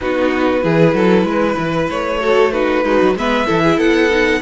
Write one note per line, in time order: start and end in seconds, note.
0.01 0.63 B3
0.01 0.61 D#4
0.01 0.63 F#4
0.01 1.90 B4
0.61 0.94 E3
0.61 2.19 E4
0.61 0.95 G#4
0.94 1.23 F#3
0.94 1.26 A4
1.23 1.55 G#3
1.23 2.20 B4
1.58 1.89 E3
1.90 2.84 A3
1.90 2.52 C#5
2.20 2.52 F#4
2.20 2.52 A4
2.52 2.84 D#4
2.52 2.84 F#4
2.52 3.15 B4
2.84 3.00 G#3
2.84 3.15 D#4
2.84 3.16 F#4
3.00 3.14 F#3
3.14 3.46 G#3
3.14 3.46 B3
3.14 3.46 B4
3.14 3.79 E5
3.46 3.77 E3
3.46 4.09 E4
3.46 3.62 A4
3.63 3.76 G#4
3.76 4.40 B3
3.76 4.39 A4
3.76 4.41 F#5
4.10 4.41 D#4